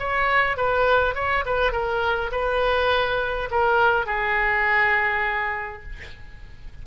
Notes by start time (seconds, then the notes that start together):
0.00 C#5
0.57 B4
1.16 C#5
1.46 B4
1.72 A#4
2.32 B4
3.52 A#4
4.07 G#4